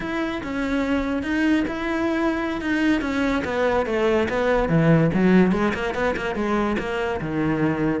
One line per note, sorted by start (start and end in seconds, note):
0.00 0.41 E4
0.43 1.23 C#4
1.23 1.64 D#4
1.67 2.61 E4
2.61 3.01 D#4
3.01 3.43 C#4
3.44 3.86 B3
3.86 4.27 A3
4.28 4.68 B3
4.68 5.10 E3
5.13 5.52 F#3
5.52 5.72 G#3
5.74 5.94 A#3
5.94 6.15 B3
6.16 6.35 A#3
6.35 6.77 G#3
6.78 7.20 A#3
7.20 8.00 D#3